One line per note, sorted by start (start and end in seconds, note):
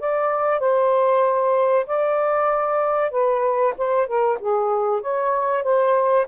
0.00 0.60 D5
0.60 1.86 C5
1.86 3.11 D5
3.11 3.74 B4
3.78 4.07 C5
4.07 4.38 A#4
4.40 5.02 G#4
5.02 5.63 C#5
5.63 6.26 C5